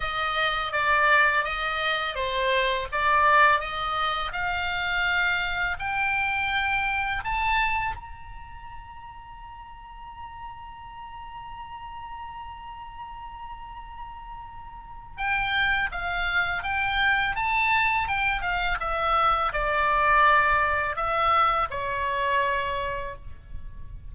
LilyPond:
\new Staff \with { instrumentName = "oboe" } { \time 4/4 \tempo 4 = 83 dis''4 d''4 dis''4 c''4 | d''4 dis''4 f''2 | g''2 a''4 ais''4~ | ais''1~ |
ais''1~ | ais''4 g''4 f''4 g''4 | a''4 g''8 f''8 e''4 d''4~ | d''4 e''4 cis''2 | }